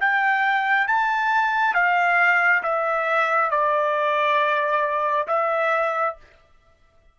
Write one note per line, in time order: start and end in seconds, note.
0.00 0.87 G5
0.87 1.74 A5
1.74 2.62 F5
2.63 3.51 E5
3.51 5.27 D5
5.27 6.16 E5